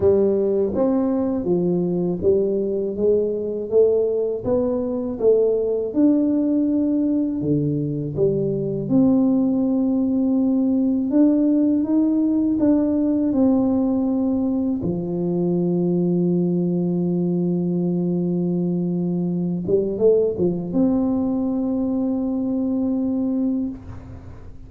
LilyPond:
\new Staff \with { instrumentName = "tuba" } { \time 4/4 \tempo 4 = 81 g4 c'4 f4 g4 | gis4 a4 b4 a4 | d'2 d4 g4 | c'2. d'4 |
dis'4 d'4 c'2 | f1~ | f2~ f8 g8 a8 f8 | c'1 | }